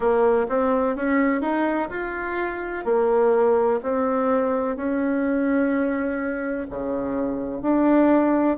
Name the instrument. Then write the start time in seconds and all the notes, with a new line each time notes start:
bassoon
0.00 A#3
0.48 C4
0.96 C#4
1.41 D#4
1.89 F4
2.84 A#3
3.82 C4
4.76 C#4
6.69 C#3
7.61 D4